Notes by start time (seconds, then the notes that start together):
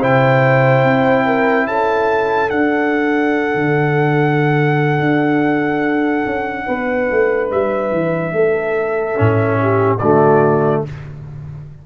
0.00 C3 E4 C5 G5
0.84 C4
1.25 A#4
1.67 C#4 A4 A5
2.49 D4 F#5
3.55 D3
5.00 D4
6.26 C#4
6.66 B3 B4
7.11 A3
7.51 G3 E5
7.91 E3
8.32 A3 A4
9.15 A2 C#4
9.61 G4
9.98 D3 A3 F#4 D5